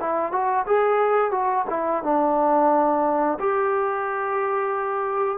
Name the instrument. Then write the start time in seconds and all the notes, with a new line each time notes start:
trombone
0.00 E4
0.32 F#4
0.66 G#4
1.31 F#4
1.69 E4
2.03 D4
3.40 G4